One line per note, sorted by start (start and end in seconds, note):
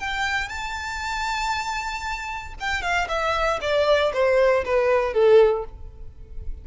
0.00 0.49 G5
0.49 2.54 A5
2.60 2.82 G5
2.82 3.08 F5
3.09 3.60 E5
3.61 4.13 D5
4.14 4.65 C5
4.65 5.14 B4
5.14 5.65 A4